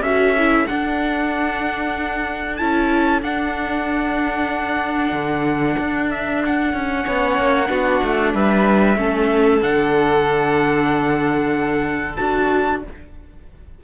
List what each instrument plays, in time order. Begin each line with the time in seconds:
0.00 cello C#4, viola F#4, violin A4, trumpet E5
0.37 viola E4
0.67 viola D4, cello D4, trumpet F#5
2.56 cello C#4, viola E4, trumpet A5
3.22 cello D4, viola D4, trumpet F#5
5.12 cello D3
5.78 cello D4
6.10 trumpet E5
6.45 trumpet F#5
6.73 cello C#4
7.01 viola C#4, violin C#5
7.07 cello B3
7.37 cello A#3
7.66 cello B3, viola D4, violin F#4
8.03 cello A3
8.33 cello G3, violin B4, trumpet E5
8.97 cello A3, viola C#4, violin A4
9.61 cello D3, viola D4, trumpet F#5
12.16 cello D4, viola F#4, trumpet A5